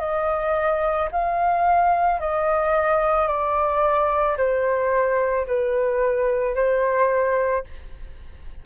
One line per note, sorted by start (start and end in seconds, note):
0.00 1.09 D#5
1.12 2.20 F5
2.20 3.28 D#5
3.28 4.37 D5
4.37 5.46 C5
5.47 6.56 B4
6.56 7.65 C5